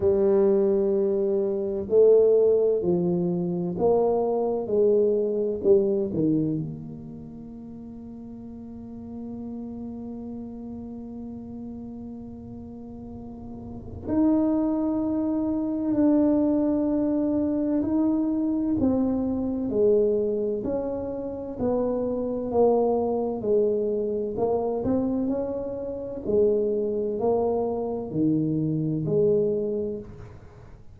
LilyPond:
\new Staff \with { instrumentName = "tuba" } { \time 4/4 \tempo 4 = 64 g2 a4 f4 | ais4 gis4 g8 dis8 ais4~ | ais1~ | ais2. dis'4~ |
dis'4 d'2 dis'4 | c'4 gis4 cis'4 b4 | ais4 gis4 ais8 c'8 cis'4 | gis4 ais4 dis4 gis4 | }